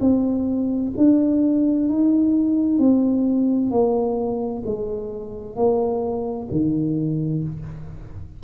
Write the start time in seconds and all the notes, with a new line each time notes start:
0.00 C4
0.97 D4
1.89 D#4
2.78 C4
3.70 A#3
4.66 G#3
5.56 A#3
6.51 D#3